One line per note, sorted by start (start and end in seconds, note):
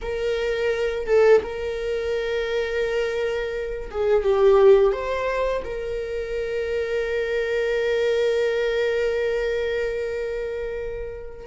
0.01 1.06 A#4
1.06 1.41 A4
1.42 3.90 A#4
3.90 4.23 G#4
4.23 4.92 G4
4.92 5.62 C5
5.64 11.46 A#4